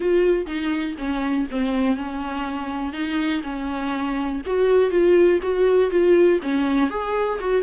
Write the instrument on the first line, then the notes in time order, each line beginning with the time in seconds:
viola
0.00 F4
0.46 D#4
0.98 C#4
1.50 C4
1.96 C#4
2.92 D#4
3.43 C#4
4.46 F#4
4.90 F4
5.42 F#4
5.90 F4
6.42 C#4
6.90 G#4
7.40 F#4